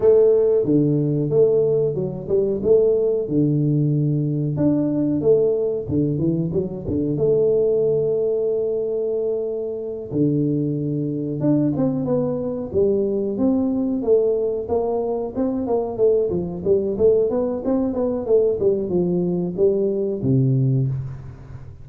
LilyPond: \new Staff \with { instrumentName = "tuba" } { \time 4/4 \tempo 4 = 92 a4 d4 a4 fis8 g8 | a4 d2 d'4 | a4 d8 e8 fis8 d8 a4~ | a2.~ a8 d8~ |
d4. d'8 c'8 b4 g8~ | g8 c'4 a4 ais4 c'8 | ais8 a8 f8 g8 a8 b8 c'8 b8 | a8 g8 f4 g4 c4 | }